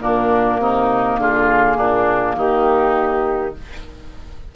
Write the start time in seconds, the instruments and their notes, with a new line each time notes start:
0.00 bassoon A#2, clarinet A#3, oboe D4, flute A#4
0.59 bassoon C3, oboe D#4
1.17 bassoon D3, oboe F4, flute G#4
1.76 bassoon A#2, oboe D4
2.36 bassoon D#3, oboe D#4, flute G4